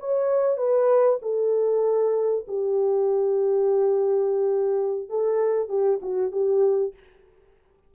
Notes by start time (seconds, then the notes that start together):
0.00 C#5
0.57 B4
1.22 A4
2.48 G4
5.09 A4
5.69 G4
6.02 F#4
6.32 G4